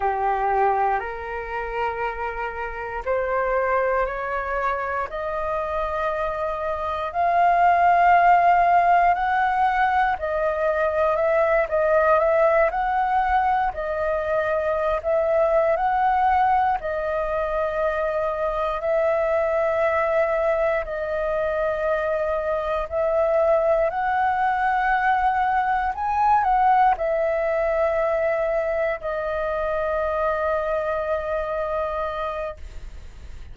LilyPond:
\new Staff \with { instrumentName = "flute" } { \time 4/4 \tempo 4 = 59 g'4 ais'2 c''4 | cis''4 dis''2 f''4~ | f''4 fis''4 dis''4 e''8 dis''8 | e''8 fis''4 dis''4~ dis''16 e''8. fis''8~ |
fis''8 dis''2 e''4.~ | e''8 dis''2 e''4 fis''8~ | fis''4. gis''8 fis''8 e''4.~ | e''8 dis''2.~ dis''8 | }